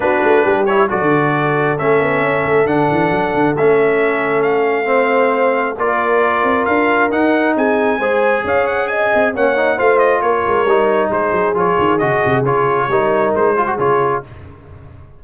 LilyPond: <<
  \new Staff \with { instrumentName = "trumpet" } { \time 4/4 \tempo 4 = 135 b'4. cis''8 d''2 | e''2 fis''2 | e''2 f''2~ | f''4 d''2 f''4 |
fis''4 gis''2 f''8 fis''8 | gis''4 fis''4 f''8 dis''8 cis''4~ | cis''4 c''4 cis''4 dis''4 | cis''2 c''4 cis''4 | }
  \new Staff \with { instrumentName = "horn" } { \time 4/4 fis'4 g'4 a'2~ | a'1~ | a'2. c''4~ | c''4 ais'2.~ |
ais'4 gis'4 c''4 cis''4 | dis''4 cis''4 c''4 ais'4~ | ais'4 gis'2.~ | gis'4 ais'4. gis'4. | }
  \new Staff \with { instrumentName = "trombone" } { \time 4/4 d'4. e'8 fis'2 | cis'2 d'2 | cis'2. c'4~ | c'4 f'2. |
dis'2 gis'2~ | gis'4 cis'8 dis'8 f'2 | dis'2 f'4 fis'4 | f'4 dis'4. f'16 fis'16 f'4 | }
  \new Staff \with { instrumentName = "tuba" } { \time 4/4 b8 a8 g4 fis16 d4.~ d16 | a8 b8 cis'8 a8 d8 e8 fis8 d8 | a1~ | a4 ais4. c'8 d'4 |
dis'4 c'4 gis4 cis'4~ | cis'8 c'8 ais4 a4 ais8 gis8 | g4 gis8 fis8 f8 dis8 cis8 c8 | cis4 g4 gis4 cis4 | }
>>